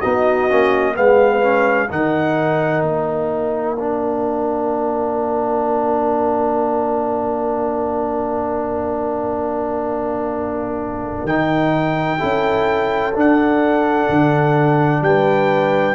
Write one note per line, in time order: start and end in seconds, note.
0.00 0.51 B3
0.00 0.49 D#4
0.00 0.94 F#4
0.00 0.94 D#5
0.49 0.97 A#3
0.49 0.94 C#4
0.94 1.90 G#3
0.94 1.41 B3
0.94 1.88 B4
0.94 1.89 F5
1.41 1.88 C#4
1.89 2.81 D#3
1.89 3.77 D#4
1.89 12.19 A#4
1.89 2.84 F#5
2.81 11.23 A#3
2.81 11.26 F5
3.79 11.29 D4
11.23 12.17 D#3
11.23 12.18 D#4
11.23 13.14 G5
12.18 13.15 C#4
12.18 13.12 E4
12.18 15.00 A4
13.15 14.08 D4
13.15 15.94 D4
13.15 15.03 F#5
14.09 15.01 D3
15.01 15.94 G3
15.01 15.94 B4
15.01 15.94 G5